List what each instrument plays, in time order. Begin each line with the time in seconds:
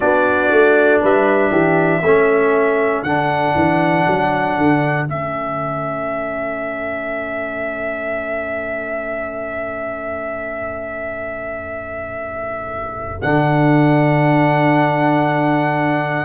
0.00 tuba B3, trombone D4, horn F#4, trumpet D5
0.51 tuba A3
1.01 tuba G3, horn B4, trumpet E5
1.51 tuba E3, horn G4
2.01 tuba A3, trombone C#4, horn A4
3.03 tuba D3, trombone D4, trumpet F#5
3.55 tuba E3
4.07 tuba F#3
4.57 tuba D3
5.06 tuba A3, trombone C#4, trumpet E5
13.21 tuba D3, trombone D4, trumpet F#5